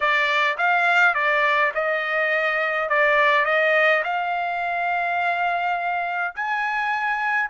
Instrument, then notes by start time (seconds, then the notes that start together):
trumpet
0.00 D5
0.57 F5
1.14 D5
1.74 D#5
2.89 D5
3.45 D#5
4.03 F5
6.35 G#5